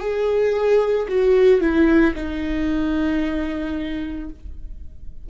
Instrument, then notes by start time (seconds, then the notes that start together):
viola
0.00 G#4
1.09 F#4
1.61 E4
2.15 D#4